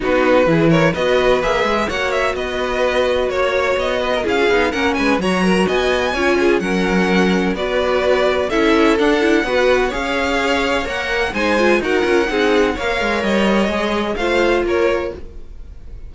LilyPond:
<<
  \new Staff \with { instrumentName = "violin" } { \time 4/4 \tempo 4 = 127 b'4. cis''8 dis''4 e''4 | fis''8 e''8 dis''2 cis''4 | dis''4 f''4 fis''8 gis''8 ais''4 | gis''2 fis''2 |
d''2 e''4 fis''4~ | fis''4 f''2 fis''4 | gis''4 fis''2 f''4 | dis''2 f''4 cis''4 | }
  \new Staff \with { instrumentName = "violin" } { \time 4/4 fis'4 gis'8 ais'8 b'2 | cis''4 b'2 cis''4~ | cis''8 b'16 ais'16 gis'4 ais'8 b'8 cis''8 ais'8 | dis''4 cis''8 gis'8 ais'2 |
b'2 a'2 | b'4 cis''2. | c''4 ais'4 gis'4 cis''4~ | cis''2 c''4 ais'4 | }
  \new Staff \with { instrumentName = "viola" } { \time 4/4 dis'4 e'4 fis'4 gis'4 | fis'1~ | fis'4 e'16 f'16 dis'8 cis'4 fis'4~ | fis'4 f'4 cis'2 |
fis'2 e'4 d'8 e'8 | fis'4 gis'2 ais'4 | dis'8 f'8 fis'8 f'8 dis'4 ais'4~ | ais'4 gis'4 f'2 | }
  \new Staff \with { instrumentName = "cello" } { \time 4/4 b4 e4 b4 ais8 gis8 | ais4 b2 ais4 | b4 cis'8 b8 ais8 gis8 fis4 | b4 cis'4 fis2 |
b2 cis'4 d'4 | b4 cis'2 ais4 | gis4 dis'8 cis'8 c'4 ais8 gis8 | g4 gis4 a4 ais4 | }
>>